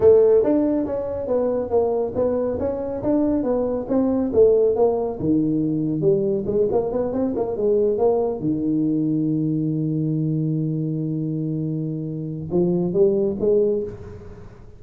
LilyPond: \new Staff \with { instrumentName = "tuba" } { \time 4/4 \tempo 4 = 139 a4 d'4 cis'4 b4 | ais4 b4 cis'4 d'4 | b4 c'4 a4 ais4 | dis2 g4 gis8 ais8 |
b8 c'8 ais8 gis4 ais4 dis8~ | dis1~ | dis1~ | dis4 f4 g4 gis4 | }